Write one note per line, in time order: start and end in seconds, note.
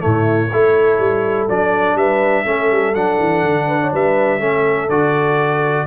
0.00 0.53 A2
0.00 0.49 A3
0.00 0.52 E4
0.00 1.48 C#5
0.53 0.99 A3
0.53 1.49 E4
0.53 1.98 A4
0.99 1.47 G3
1.49 1.95 F#3
1.49 2.45 D4
1.49 1.97 D5
1.95 2.43 G3
1.95 2.43 B4
1.95 2.95 E5
2.43 2.71 A3
2.43 2.94 C#4
2.43 3.65 A4
2.71 2.94 G3
2.94 3.18 F#3
2.94 4.40 D4
2.94 3.92 F#5
3.20 3.43 E3
3.43 3.92 D3
3.67 3.80 B4
3.81 3.93 C#5
3.93 4.40 G3
3.93 4.40 B4
3.93 4.89 E5
4.40 4.89 A3
4.40 4.89 C#4
4.40 5.86 A4
4.89 5.87 D3
4.89 5.87 F#4
4.89 5.87 D5